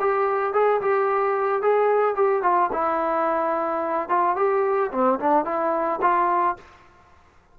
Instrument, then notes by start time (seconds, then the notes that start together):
trombone
0.00 G4
0.53 G#4
0.81 G4
1.62 G#4
2.15 G4
2.42 F4
2.72 E4
4.09 F4
4.36 G4
4.91 C4
5.20 D4
5.45 E4
6.02 F4